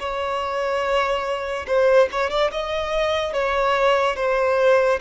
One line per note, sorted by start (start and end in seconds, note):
0.00 1.67 C#5
1.68 2.09 C5
2.12 2.30 C#5
2.30 2.51 D5
2.52 3.33 D#5
3.33 4.17 C#5
4.17 5.00 C5